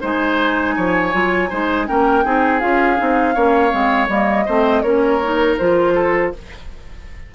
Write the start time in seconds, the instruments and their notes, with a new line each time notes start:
0.00 bassoon G#3, clarinet D#4, oboe C5, flute G#5
0.76 bassoon F3, oboe C#5
1.11 bassoon F#3, clarinet F4
1.49 bassoon G#3, clarinet D#4, oboe C5
1.86 bassoon A#3, clarinet C#4, oboe A#4, flute G5
2.24 bassoon C4, clarinet D#4, oboe G#4
2.59 bassoon C#4, clarinet F4, flute F5
2.97 bassoon C4, clarinet D#4
3.34 bassoon A#3, clarinet C#4, oboe C#5
3.70 bassoon G#3, clarinet C4
4.08 bassoon G3, clarinet A#3, flute D#5
4.45 bassoon A3, clarinet C4, oboe C5
4.81 bassoon A#3, clarinet C#4, oboe A#4, flute C#5
5.22 clarinet D#4
5.57 bassoon F3, clarinet F4, flute C5
5.94 oboe A4